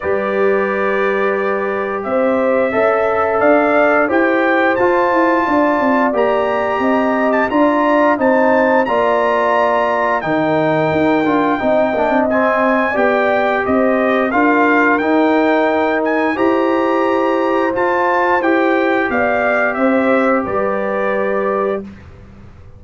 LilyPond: <<
  \new Staff \with { instrumentName = "trumpet" } { \time 4/4 \tempo 4 = 88 d''2. e''4~ | e''4 f''4 g''4 a''4~ | a''4 ais''4.~ ais''16 a''16 ais''4 | a''4 ais''2 g''4~ |
g''2 gis''4 g''4 | dis''4 f''4 g''4. gis''8 | ais''2 a''4 g''4 | f''4 e''4 d''2 | }
  \new Staff \with { instrumentName = "horn" } { \time 4/4 b'2. c''4 | e''4 d''4 c''2 | d''2 dis''4 d''4 | c''4 d''2 ais'4~ |
ais'4 dis''2 d''4 | c''4 ais'2. | c''1 | d''4 c''4 b'2 | }
  \new Staff \with { instrumentName = "trombone" } { \time 4/4 g'1 | a'2 g'4 f'4~ | f'4 g'2 f'4 | dis'4 f'2 dis'4~ |
dis'8 f'8 dis'8 d'8 c'4 g'4~ | g'4 f'4 dis'2 | g'2 f'4 g'4~ | g'1 | }
  \new Staff \with { instrumentName = "tuba" } { \time 4/4 g2. c'4 | cis'4 d'4 e'4 f'8 e'8 | d'8 c'8 ais4 c'4 d'4 | c'4 ais2 dis4 |
dis'8 d'8 c'8 ais16 c'4~ c'16 b4 | c'4 d'4 dis'2 | e'2 f'4 e'4 | b4 c'4 g2 | }
>>